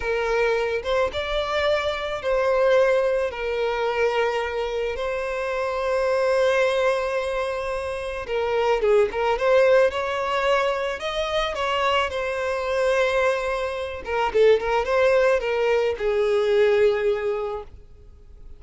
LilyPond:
\new Staff \with { instrumentName = "violin" } { \time 4/4 \tempo 4 = 109 ais'4. c''8 d''2 | c''2 ais'2~ | ais'4 c''2.~ | c''2. ais'4 |
gis'8 ais'8 c''4 cis''2 | dis''4 cis''4 c''2~ | c''4. ais'8 a'8 ais'8 c''4 | ais'4 gis'2. | }